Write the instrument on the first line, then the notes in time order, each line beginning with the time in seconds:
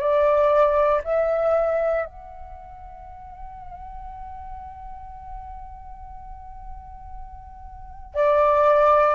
flute
0.00 D5
1.04 E5
2.06 F#5
8.15 D5